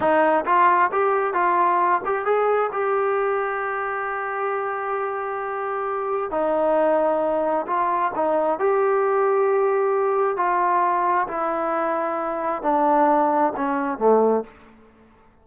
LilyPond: \new Staff \with { instrumentName = "trombone" } { \time 4/4 \tempo 4 = 133 dis'4 f'4 g'4 f'4~ | f'8 g'8 gis'4 g'2~ | g'1~ | g'2 dis'2~ |
dis'4 f'4 dis'4 g'4~ | g'2. f'4~ | f'4 e'2. | d'2 cis'4 a4 | }